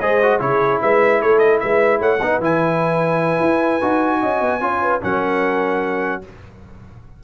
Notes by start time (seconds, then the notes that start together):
0.00 G#3 G#4 C5 D#5
0.23 F#4
0.40 C#3 E4 G#4 C#5
0.82 G#3 B4 E5
1.21 A3 A4 C#5
1.39 D#5
1.60 G#3 B4 E5
2.00 A3 C#5 F#5
2.21 B3 D#4 B4
2.39 E3 E4 G#5
3.41 E4
3.81 D#4 F#4
4.20 C#4 D#5
4.41 B3
4.60 C#4 F4 C#5
4.82 B4
5.02 F#3 C#4 A#4 F#5